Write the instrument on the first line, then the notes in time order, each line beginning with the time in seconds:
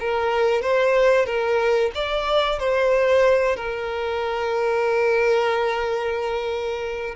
violin
0.00 A#4
0.62 C5
1.26 A#4
1.95 D5
2.59 C5
3.56 A#4